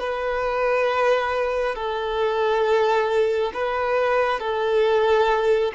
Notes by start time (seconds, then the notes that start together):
0.00 B4
1.76 A4
3.54 B4
4.40 A4